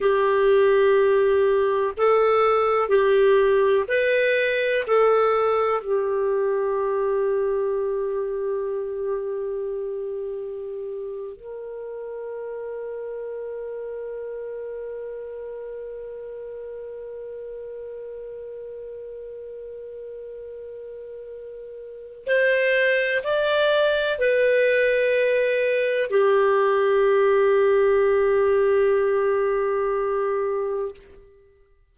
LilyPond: \new Staff \with { instrumentName = "clarinet" } { \time 4/4 \tempo 4 = 62 g'2 a'4 g'4 | b'4 a'4 g'2~ | g'2.~ g'8. ais'16~ | ais'1~ |
ais'1~ | ais'2. c''4 | d''4 b'2 g'4~ | g'1 | }